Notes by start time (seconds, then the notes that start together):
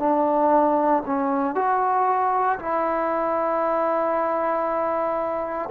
0.00 D4
1.06 C#4
1.56 F#4
2.60 E4